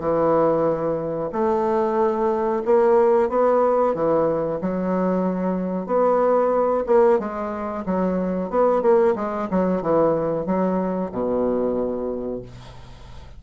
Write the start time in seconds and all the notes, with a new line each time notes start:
0.00 E3
1.33 A3
2.66 A#3
3.30 B3
3.95 E3
4.62 F#3
5.87 B3
6.87 A#3
7.20 G#3
7.86 F#3
8.50 B3
8.82 A#3
9.16 G#3
9.51 F#3
9.83 E3
10.46 F#3
11.12 B2